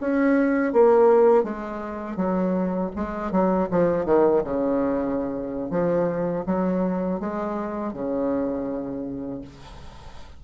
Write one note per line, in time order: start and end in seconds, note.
0.00 0.72 C#4
0.72 1.43 A#3
1.43 2.16 G#3
2.16 2.90 F#3
2.95 3.31 G#3
3.31 3.68 F#3
3.70 4.05 F3
4.05 4.42 D#3
4.43 5.70 C#3
5.70 6.44 F3
6.46 7.20 F#3
7.20 7.93 G#3
7.93 9.41 C#3